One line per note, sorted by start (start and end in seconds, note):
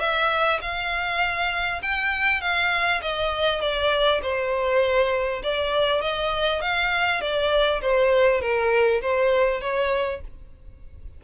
0.00 0.60 E5
0.62 1.82 F5
1.82 2.41 G5
2.41 3.01 F5
3.02 3.61 D#5
3.61 4.21 D5
4.22 5.42 C5
5.43 6.02 D5
6.02 6.62 D#5
6.62 7.21 F5
7.21 7.81 D5
7.82 8.41 C5
8.41 9.01 A#4
9.02 9.61 C5
9.61 10.21 C#5